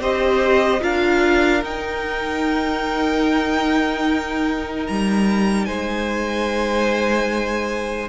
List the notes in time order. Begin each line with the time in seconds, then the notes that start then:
0.00 C4 G4 C5 D#5
0.81 D4 F4 A#4 F5
1.63 D#4 G5
4.87 G3 A#5
5.65 G#3 C5 G#5